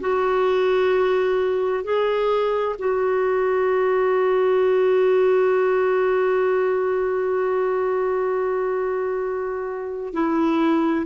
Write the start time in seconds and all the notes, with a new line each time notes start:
0.00 F#4
1.83 G#4
2.79 F#4
10.13 E4